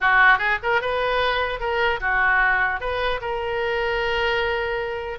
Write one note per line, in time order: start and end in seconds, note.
0.00 0.38 F#4
0.38 0.58 G#4
0.63 0.81 A#4
0.81 1.59 B4
1.59 1.99 A#4
2.00 2.80 F#4
2.80 3.20 B4
3.21 5.18 A#4